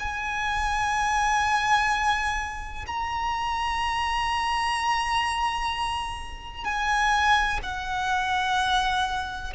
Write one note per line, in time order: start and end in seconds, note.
0.00 2.86 G#5
2.87 6.65 A#5
6.65 7.60 G#5
7.63 9.54 F#5